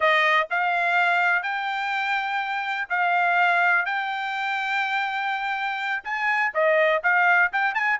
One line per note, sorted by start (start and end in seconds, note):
0.00 0.47 D#5
0.50 1.43 F5
1.43 2.88 G5
2.89 3.85 F5
3.85 6.03 G5
6.04 6.52 G#5
6.54 7.02 D#5
7.03 7.51 F5
7.52 7.74 G5
7.74 7.98 G#5